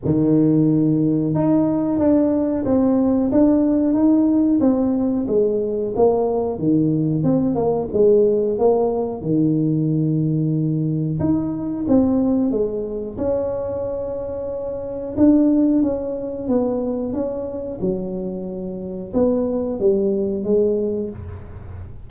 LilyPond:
\new Staff \with { instrumentName = "tuba" } { \time 4/4 \tempo 4 = 91 dis2 dis'4 d'4 | c'4 d'4 dis'4 c'4 | gis4 ais4 dis4 c'8 ais8 | gis4 ais4 dis2~ |
dis4 dis'4 c'4 gis4 | cis'2. d'4 | cis'4 b4 cis'4 fis4~ | fis4 b4 g4 gis4 | }